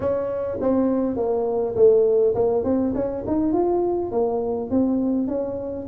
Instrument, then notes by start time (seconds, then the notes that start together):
tuba
0.00 C#4
0.60 C4
1.16 A#3
1.75 A3
2.34 A#3
2.64 C4
2.94 C#4
3.26 D#4
3.52 F4
4.11 A#3
4.70 C4
5.27 C#4